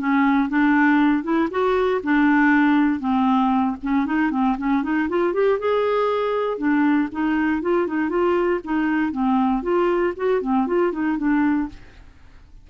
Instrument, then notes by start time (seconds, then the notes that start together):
clarinet
0.00 C#4
0.49 D4
1.24 E4
1.51 F#4
2.04 D4
3.00 C4
3.83 C#4
4.06 D#4
4.32 C4
4.58 C#4
4.84 D#4
5.10 F4
5.34 G4
5.59 G#4
6.58 D4
7.12 D#4
7.62 F4
7.87 D#4
8.10 F4
8.65 D#4
9.12 C4
9.63 F4
10.17 F#4
10.42 C4
10.68 F4
10.93 D#4
11.18 D4